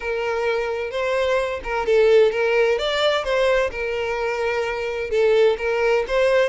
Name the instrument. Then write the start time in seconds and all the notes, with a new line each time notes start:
violin
0.00 A#4
0.90 C5
1.63 A#4
1.86 A4
2.31 A#4
2.78 D5
3.24 C5
3.71 A#4
5.10 A4
5.58 A#4
6.07 C5